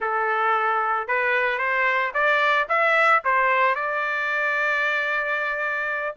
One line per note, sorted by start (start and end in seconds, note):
0.00 1.07 A4
1.07 1.58 B4
1.58 2.12 C5
2.14 2.67 D5
2.68 3.22 E5
3.24 3.75 C5
3.75 6.16 D5